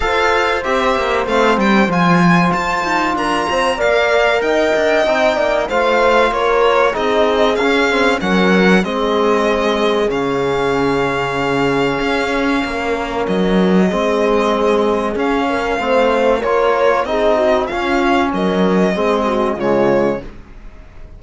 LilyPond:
<<
  \new Staff \with { instrumentName = "violin" } { \time 4/4 \tempo 4 = 95 f''4 e''4 f''8 g''8 gis''4 | a''4 ais''4 f''4 g''4~ | g''4 f''4 cis''4 dis''4 | f''4 fis''4 dis''2 |
f''1~ | f''4 dis''2. | f''2 cis''4 dis''4 | f''4 dis''2 cis''4 | }
  \new Staff \with { instrumentName = "horn" } { \time 4/4 c''1~ | c''4 ais'8 c''8 d''4 dis''4~ | dis''8 d''8 c''4 ais'4 gis'4~ | gis'4 ais'4 gis'2~ |
gis'1 | ais'2 gis'2~ | gis'8 ais'8 c''4 ais'4 gis'8 fis'8 | f'4 ais'4 gis'8 fis'8 f'4 | }
  \new Staff \with { instrumentName = "trombone" } { \time 4/4 a'4 g'4 c'4 f'4~ | f'2 ais'2 | dis'4 f'2 dis'4 | cis'8 c'8 cis'4 c'2 |
cis'1~ | cis'2 c'2 | cis'4 c'4 f'4 dis'4 | cis'2 c'4 gis4 | }
  \new Staff \with { instrumentName = "cello" } { \time 4/4 f'4 c'8 ais8 a8 g8 f4 | f'8 dis'8 d'8 c'8 ais4 dis'8 d'8 | c'8 ais8 a4 ais4 c'4 | cis'4 fis4 gis2 |
cis2. cis'4 | ais4 fis4 gis2 | cis'4 a4 ais4 c'4 | cis'4 fis4 gis4 cis4 | }
>>